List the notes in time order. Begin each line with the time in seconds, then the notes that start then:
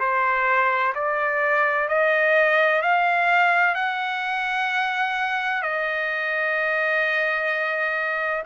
0.00 C5
0.95 D5
1.89 D#5
2.82 F5
3.75 F#5
5.62 D#5